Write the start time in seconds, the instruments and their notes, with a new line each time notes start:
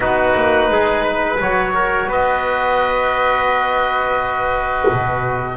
0.00 double bass B3, trombone D#4, trumpet F#4, oboe B4
0.35 double bass A#3
0.69 double bass G#3, trumpet G#4
1.03 trumpet B4
1.40 double bass F#3, trombone F#4, oboe C#5
1.74 trumpet A#4
2.05 double bass B3, trumpet B4, oboe D#5
4.91 double bass B2